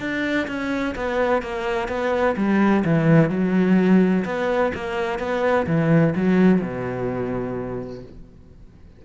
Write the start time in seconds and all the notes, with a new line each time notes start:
0.00 D4
0.47 C#4
0.95 B3
1.43 A#3
1.89 B3
2.37 G3
2.85 E3
3.30 F#3
4.25 B3
4.75 A#3
5.19 B3
5.67 E3
6.15 F#3
6.62 B2